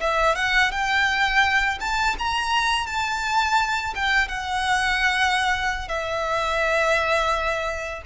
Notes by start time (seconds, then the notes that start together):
0.00 E5
0.35 F#5
0.71 G5
1.80 A5
2.19 A#5
2.87 A5
3.95 G5
4.28 F#5
5.88 E5